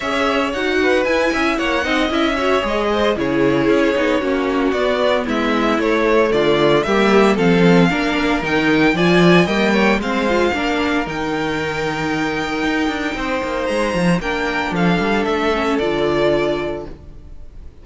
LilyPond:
<<
  \new Staff \with { instrumentName = "violin" } { \time 4/4 \tempo 4 = 114 e''4 fis''4 gis''4 fis''4 | e''4 dis''4 cis''2~ | cis''4 d''4 e''4 cis''4 | d''4 e''4 f''2 |
g''4 gis''4 g''4 f''4~ | f''4 g''2.~ | g''2 ais''4 g''4 | f''4 e''4 d''2 | }
  \new Staff \with { instrumentName = "violin" } { \time 4/4 cis''4. b'4 e''8 cis''8 dis''8~ | dis''8 cis''4 c''8 gis'2 | fis'2 e'2 | f'4 g'4 a'4 ais'4~ |
ais'4 d''4 dis''8 cis''8 c''4 | ais'1~ | ais'4 c''2 ais'4 | a'1 | }
  \new Staff \with { instrumentName = "viola" } { \time 4/4 gis'4 fis'4 e'4. dis'8 | e'8 fis'8 gis'4 e'4. dis'8 | cis'4 b2 a4~ | a4 ais4 c'4 d'4 |
dis'4 f'4 ais4 c'8 f'8 | d'4 dis'2.~ | dis'2. d'4~ | d'4. cis'8 f'2 | }
  \new Staff \with { instrumentName = "cello" } { \time 4/4 cis'4 dis'4 e'8 cis'8 ais8 c'8 | cis'4 gis4 cis4 cis'8 b8 | ais4 b4 gis4 a4 | d4 g4 f4 ais4 |
dis4 f4 g4 gis4 | ais4 dis2. | dis'8 d'8 c'8 ais8 gis8 f8 ais4 | f8 g8 a4 d2 | }
>>